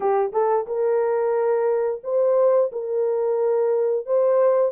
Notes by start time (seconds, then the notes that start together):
0.00 G4
0.32 A4
0.66 A#4
2.03 C5
2.72 A#4
4.06 C5